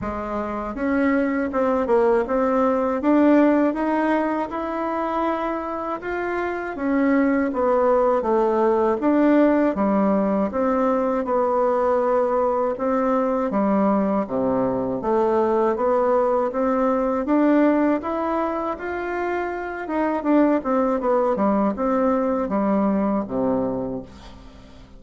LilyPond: \new Staff \with { instrumentName = "bassoon" } { \time 4/4 \tempo 4 = 80 gis4 cis'4 c'8 ais8 c'4 | d'4 dis'4 e'2 | f'4 cis'4 b4 a4 | d'4 g4 c'4 b4~ |
b4 c'4 g4 c4 | a4 b4 c'4 d'4 | e'4 f'4. dis'8 d'8 c'8 | b8 g8 c'4 g4 c4 | }